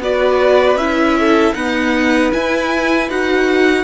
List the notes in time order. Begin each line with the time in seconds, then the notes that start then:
0.00 B3 F#4 B4 D5
0.76 C#4 E4 E5
1.20 A4
1.54 B3 D#4 B4 F#5
2.33 E4 G#5
3.10 D#4 F#4 F#5